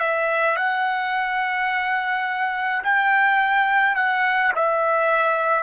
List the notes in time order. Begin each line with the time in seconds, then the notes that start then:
0.00 E5
0.57 F#5
2.84 G5
3.96 F#5
4.55 E5